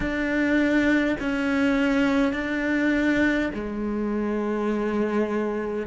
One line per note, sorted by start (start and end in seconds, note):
0.00 1.17 D4
1.20 2.32 C#4
2.32 3.50 D4
3.53 5.87 G#3